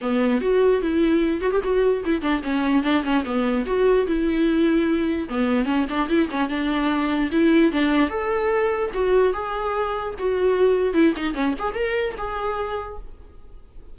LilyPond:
\new Staff \with { instrumentName = "viola" } { \time 4/4 \tempo 4 = 148 b4 fis'4 e'4. fis'16 g'16 | fis'4 e'8 d'8 cis'4 d'8 cis'8 | b4 fis'4 e'2~ | e'4 b4 cis'8 d'8 e'8 cis'8 |
d'2 e'4 d'4 | a'2 fis'4 gis'4~ | gis'4 fis'2 e'8 dis'8 | cis'8 gis'8 ais'4 gis'2 | }